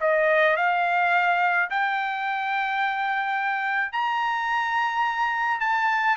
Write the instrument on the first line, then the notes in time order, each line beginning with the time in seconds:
trumpet
0.00 D#5
0.56 F5
1.70 G5
3.92 A#5
5.60 A5